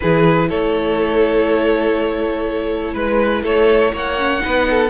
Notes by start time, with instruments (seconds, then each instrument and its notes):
0.00 cello E3, viola E4, violin G#4 B4
0.48 cello A3, violin A4 C#5
2.93 cello G#3, violin B4
3.42 cello A3, violin A4 C#5
3.93 cello A#3, violin C#5 F#5
4.18 viola C#4
4.40 cello B3, viola D#4, violin B4
4.70 violin A4